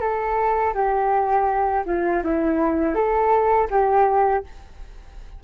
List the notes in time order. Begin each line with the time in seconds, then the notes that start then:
0.00 A4
0.74 G4
1.86 F4
2.24 E4
2.95 A4
3.70 G4